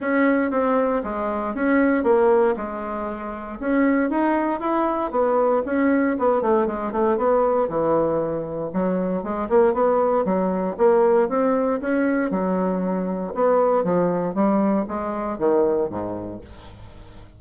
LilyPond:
\new Staff \with { instrumentName = "bassoon" } { \time 4/4 \tempo 4 = 117 cis'4 c'4 gis4 cis'4 | ais4 gis2 cis'4 | dis'4 e'4 b4 cis'4 | b8 a8 gis8 a8 b4 e4~ |
e4 fis4 gis8 ais8 b4 | fis4 ais4 c'4 cis'4 | fis2 b4 f4 | g4 gis4 dis4 gis,4 | }